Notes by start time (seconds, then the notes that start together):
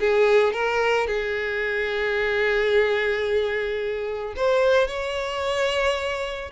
0.00 G#4
0.53 A#4
1.07 G#4
4.36 C5
4.88 C#5